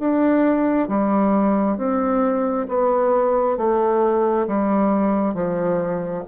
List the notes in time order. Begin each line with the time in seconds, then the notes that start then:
0.00 D4
0.89 G3
1.78 C4
2.69 B3
3.58 A3
4.48 G3
5.35 F3